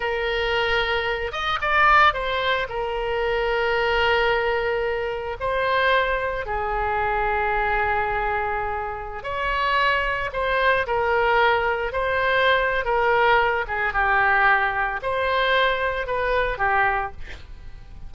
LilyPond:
\new Staff \with { instrumentName = "oboe" } { \time 4/4 \tempo 4 = 112 ais'2~ ais'8 dis''8 d''4 | c''4 ais'2.~ | ais'2 c''2 | gis'1~ |
gis'4~ gis'16 cis''2 c''8.~ | c''16 ais'2 c''4.~ c''16 | ais'4. gis'8 g'2 | c''2 b'4 g'4 | }